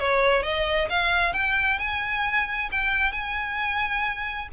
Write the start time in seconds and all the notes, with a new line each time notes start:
0.00 C#5
0.43 D#5
0.90 F5
1.34 G5
1.79 G#5
2.72 G5
3.13 G#5